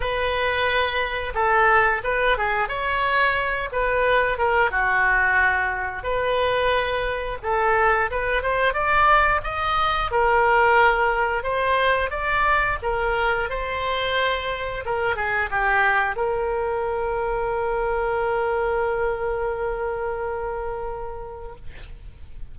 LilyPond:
\new Staff \with { instrumentName = "oboe" } { \time 4/4 \tempo 4 = 89 b'2 a'4 b'8 gis'8 | cis''4. b'4 ais'8 fis'4~ | fis'4 b'2 a'4 | b'8 c''8 d''4 dis''4 ais'4~ |
ais'4 c''4 d''4 ais'4 | c''2 ais'8 gis'8 g'4 | ais'1~ | ais'1 | }